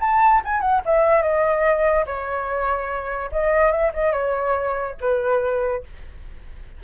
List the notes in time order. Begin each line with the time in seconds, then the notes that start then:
0.00 A5
0.44 G#5
0.60 F#5
0.85 E5
1.22 D#5
2.06 C#5
3.31 D#5
3.71 E5
3.93 D#5
4.12 C#5
5.00 B4